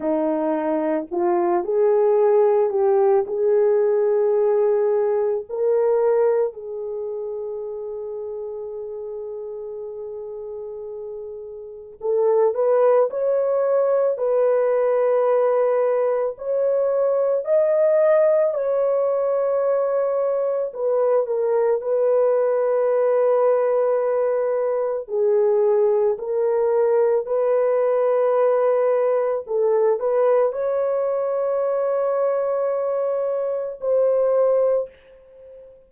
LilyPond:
\new Staff \with { instrumentName = "horn" } { \time 4/4 \tempo 4 = 55 dis'4 f'8 gis'4 g'8 gis'4~ | gis'4 ais'4 gis'2~ | gis'2. a'8 b'8 | cis''4 b'2 cis''4 |
dis''4 cis''2 b'8 ais'8 | b'2. gis'4 | ais'4 b'2 a'8 b'8 | cis''2. c''4 | }